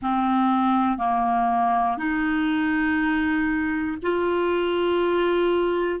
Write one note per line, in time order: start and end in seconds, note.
0.02 0.98 C4
0.98 1.97 A#3
1.97 3.97 D#4
4.02 6.00 F4